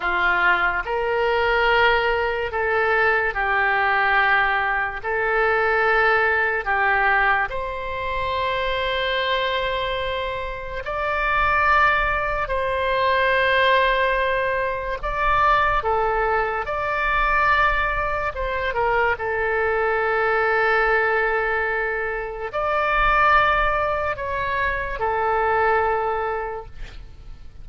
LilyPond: \new Staff \with { instrumentName = "oboe" } { \time 4/4 \tempo 4 = 72 f'4 ais'2 a'4 | g'2 a'2 | g'4 c''2.~ | c''4 d''2 c''4~ |
c''2 d''4 a'4 | d''2 c''8 ais'8 a'4~ | a'2. d''4~ | d''4 cis''4 a'2 | }